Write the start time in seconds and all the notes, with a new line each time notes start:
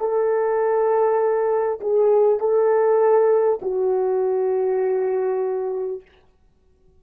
0.00 A4
1.81 G#4
2.40 A4
3.62 F#4